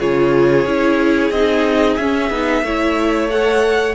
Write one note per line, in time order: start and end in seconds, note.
0.00 0.66 C#3
0.00 0.66 F4
0.00 2.64 G#4
0.00 1.31 C#5
0.66 1.31 C#4
0.66 1.33 E4
1.31 1.97 C4
1.31 2.00 D#4
1.31 1.97 D#5
1.97 2.30 C#4
1.97 2.32 C#4
1.97 3.28 E5
2.30 2.63 B3
2.30 2.65 D#4
2.63 3.95 A3
2.63 3.31 E4
2.63 3.95 C#5
3.31 3.95 A4
3.31 3.95 F#5